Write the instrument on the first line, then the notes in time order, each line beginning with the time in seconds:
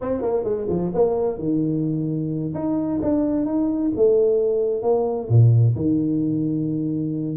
tuba
0.01 C4
0.21 A#3
0.43 G#3
0.69 F3
0.94 A#3
1.38 D#3
2.54 D#4
3.01 D4
3.45 D#4
3.95 A3
4.82 A#3
5.28 A#2
5.75 D#3